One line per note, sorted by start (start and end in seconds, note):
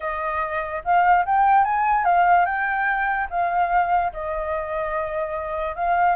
0.00 0.82 D#5
0.84 1.25 F5
1.25 1.64 G5
1.64 2.04 G#5
2.04 2.45 F5
2.45 3.27 G5
3.30 4.12 F5
4.12 5.75 D#5
5.75 6.15 F5